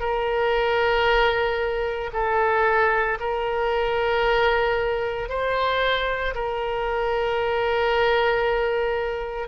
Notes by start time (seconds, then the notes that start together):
0.00 A#4
2.13 A4
3.20 A#4
5.29 C5
6.35 A#4